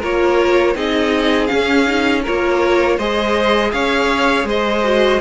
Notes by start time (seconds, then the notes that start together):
0.00 A#3 F4 A#4 C#5
0.76 C4 D#4 G#4 D#5
1.47 C#4 F5
1.87 D#4
2.23 F4 A#4 C#5
2.29 A#3
2.97 G#3 G#4 C5 D#5
3.72 C#4 C#5 F5
4.45 G#3 C5 D#5
4.84 F#4